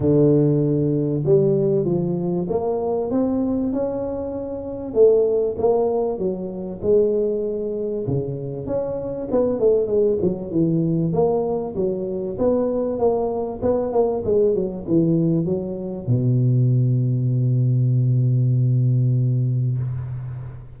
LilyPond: \new Staff \with { instrumentName = "tuba" } { \time 4/4 \tempo 4 = 97 d2 g4 f4 | ais4 c'4 cis'2 | a4 ais4 fis4 gis4~ | gis4 cis4 cis'4 b8 a8 |
gis8 fis8 e4 ais4 fis4 | b4 ais4 b8 ais8 gis8 fis8 | e4 fis4 b,2~ | b,1 | }